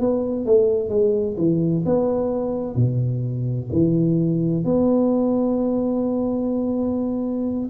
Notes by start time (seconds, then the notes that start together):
0.00 B3
0.46 A3
0.89 G#3
1.37 E3
1.85 B3
2.75 B2
3.72 E3
4.64 B3